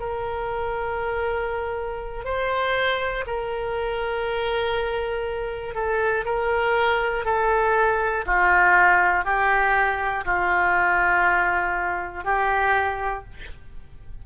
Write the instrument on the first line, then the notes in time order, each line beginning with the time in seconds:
oboe
0.00 A#4
2.25 C5
3.27 A#4
5.75 A4
6.25 A#4
7.25 A4
8.25 F4
9.25 G4
10.25 F4
12.24 G4